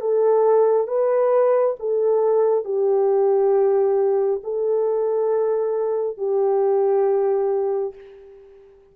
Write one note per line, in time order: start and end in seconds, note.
0.00 0.87 A4
0.87 1.75 B4
1.79 2.64 A4
2.64 4.41 G4
4.43 6.17 A4
6.17 7.94 G4